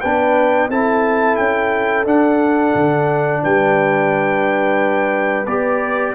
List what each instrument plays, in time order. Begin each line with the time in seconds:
0.00 tuba B3, trombone D4, horn B4, trumpet G5
0.69 tuba C4, trombone E4, horn A4, trumpet A5
1.36 tuba C#4, trumpet G5
2.05 trombone D4, tuba D4, trumpet F#5
2.74 tuba D3
3.43 tuba G3, horn B4, trumpet G5
5.46 tuba B3, trombone G4, trumpet D5